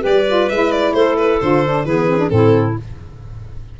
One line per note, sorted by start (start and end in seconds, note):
0.00 0.50 G3
0.00 0.23 G4
0.00 0.93 B4
0.00 0.49 D5
0.27 0.50 F4
0.49 0.93 G#3
0.49 1.42 E4
0.49 0.71 E5
0.71 0.93 D5
0.93 1.39 A3
0.93 1.85 A4
0.93 1.16 C5
1.17 1.39 B4
1.41 1.84 D3
1.41 1.64 F4
1.41 1.85 C5
1.64 1.87 D4
1.84 2.30 E3
1.84 2.09 B3
1.84 2.31 G#4
1.84 2.29 B4
2.09 2.18 C4
2.18 2.29 D4
2.29 2.76 A2
2.29 2.75 C4
2.29 2.79 E4
2.29 2.74 A4